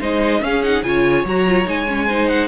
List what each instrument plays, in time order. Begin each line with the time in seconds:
0.00 cello G#3, viola D#4, violin C5 D#5
0.41 viola C#4, cello C#4, violin G#4 F5
0.63 viola D#4, violin F#5
0.83 cello C#3, viola F4, violin C#5 G#5
1.24 cello F#3, viola F#4, violin A#5
1.48 viola F4
1.66 cello G#3, viola D#4, violin G#5
1.88 viola C#4
2.07 viola D#4, violin C5
2.27 violin F#5